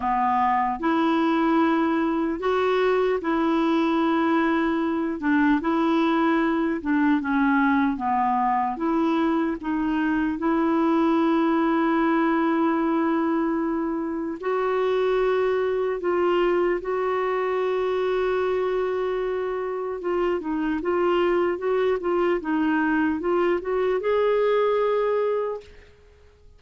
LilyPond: \new Staff \with { instrumentName = "clarinet" } { \time 4/4 \tempo 4 = 75 b4 e'2 fis'4 | e'2~ e'8 d'8 e'4~ | e'8 d'8 cis'4 b4 e'4 | dis'4 e'2.~ |
e'2 fis'2 | f'4 fis'2.~ | fis'4 f'8 dis'8 f'4 fis'8 f'8 | dis'4 f'8 fis'8 gis'2 | }